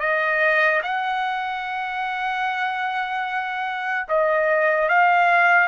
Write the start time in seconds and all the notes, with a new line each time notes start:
0.00 D#5
0.83 F#5
4.09 D#5
4.89 F5